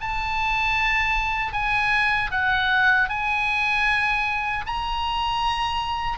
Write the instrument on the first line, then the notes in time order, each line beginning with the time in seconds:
oboe
0.00 A5
1.52 G#5
2.31 F#5
3.09 G#5
4.65 A#5